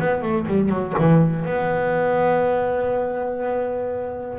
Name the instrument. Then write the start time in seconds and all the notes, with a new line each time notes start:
double bass
0.00 B3
0.22 A3
0.47 G3
0.69 F#3
0.99 E3
1.45 B3